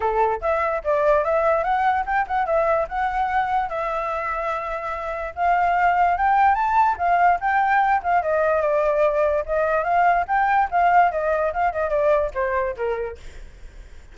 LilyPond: \new Staff \with { instrumentName = "flute" } { \time 4/4 \tempo 4 = 146 a'4 e''4 d''4 e''4 | fis''4 g''8 fis''8 e''4 fis''4~ | fis''4 e''2.~ | e''4 f''2 g''4 |
a''4 f''4 g''4. f''8 | dis''4 d''2 dis''4 | f''4 g''4 f''4 dis''4 | f''8 dis''8 d''4 c''4 ais'4 | }